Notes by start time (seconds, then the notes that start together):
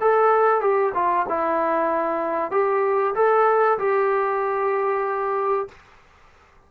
0.00 A4
0.61 G4
0.94 F4
1.28 E4
2.51 G4
3.15 A4
3.78 G4